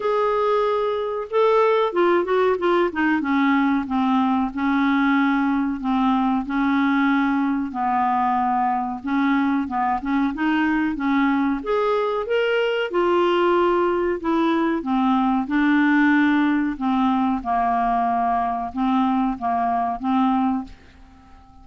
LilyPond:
\new Staff \with { instrumentName = "clarinet" } { \time 4/4 \tempo 4 = 93 gis'2 a'4 f'8 fis'8 | f'8 dis'8 cis'4 c'4 cis'4~ | cis'4 c'4 cis'2 | b2 cis'4 b8 cis'8 |
dis'4 cis'4 gis'4 ais'4 | f'2 e'4 c'4 | d'2 c'4 ais4~ | ais4 c'4 ais4 c'4 | }